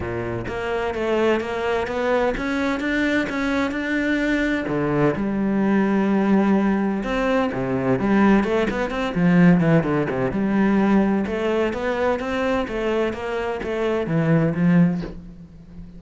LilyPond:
\new Staff \with { instrumentName = "cello" } { \time 4/4 \tempo 4 = 128 ais,4 ais4 a4 ais4 | b4 cis'4 d'4 cis'4 | d'2 d4 g4~ | g2. c'4 |
c4 g4 a8 b8 c'8 f8~ | f8 e8 d8 c8 g2 | a4 b4 c'4 a4 | ais4 a4 e4 f4 | }